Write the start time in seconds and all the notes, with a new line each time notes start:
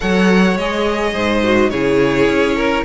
0.00 F#3 A4 C#5 F#5
0.57 G#3 G#4 D#5
1.13 G#2 C5
1.43 F#4
1.70 C#3 E4 G#4 C#5
2.28 C#4
2.55 A#4